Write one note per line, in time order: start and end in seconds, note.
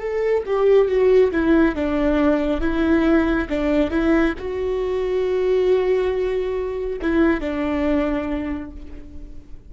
0.00 0.43 A4
0.46 0.88 G4
0.88 1.31 F#4
1.32 1.75 E4
1.75 2.60 D4
2.60 3.47 E4
3.49 3.90 D4
3.90 4.34 E4
4.38 6.99 F#4
7.01 7.40 E4
7.40 8.71 D4